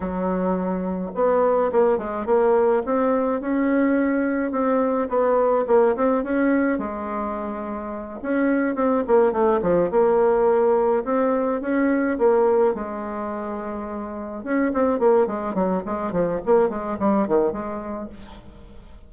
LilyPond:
\new Staff \with { instrumentName = "bassoon" } { \time 4/4 \tempo 4 = 106 fis2 b4 ais8 gis8 | ais4 c'4 cis'2 | c'4 b4 ais8 c'8 cis'4 | gis2~ gis8 cis'4 c'8 |
ais8 a8 f8 ais2 c'8~ | c'8 cis'4 ais4 gis4.~ | gis4. cis'8 c'8 ais8 gis8 fis8 | gis8 f8 ais8 gis8 g8 dis8 gis4 | }